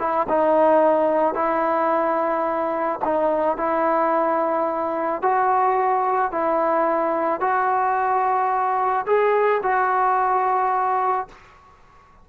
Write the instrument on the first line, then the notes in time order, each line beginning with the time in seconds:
trombone
0.00 E4
0.29 D#4
1.35 E4
3.05 D#4
3.58 E4
5.22 F#4
6.32 E4
7.41 F#4
9.07 G#4
9.63 F#4